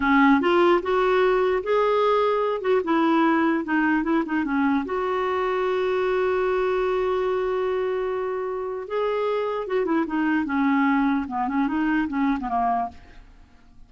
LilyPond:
\new Staff \with { instrumentName = "clarinet" } { \time 4/4 \tempo 4 = 149 cis'4 f'4 fis'2 | gis'2~ gis'8 fis'8 e'4~ | e'4 dis'4 e'8 dis'8 cis'4 | fis'1~ |
fis'1~ | fis'2 gis'2 | fis'8 e'8 dis'4 cis'2 | b8 cis'8 dis'4 cis'8. b16 ais4 | }